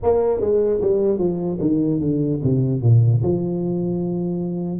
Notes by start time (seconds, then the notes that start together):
0.03 A#3
0.40 G#3
0.81 G3
1.18 F3
1.60 D#3
2.00 D3
2.43 C3
2.81 A#2
3.22 F3